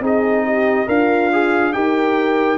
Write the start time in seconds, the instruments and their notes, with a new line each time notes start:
0.00 tuba C4, trombone D#4, horn G#4, trumpet D#5
0.45 horn G4
0.86 tuba D4, horn F4, trombone A#4, trumpet F5
1.32 trombone G#4
1.73 tuba D#4, trombone G4, horn A#4, trumpet G5